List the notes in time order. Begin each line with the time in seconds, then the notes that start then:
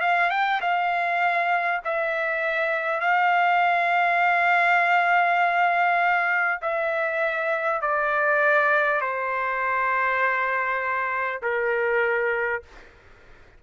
0.00 F5
0.30 G5
0.61 F5
1.84 E5
3.00 F5
6.61 E5
7.81 D5
9.01 C5
11.42 A#4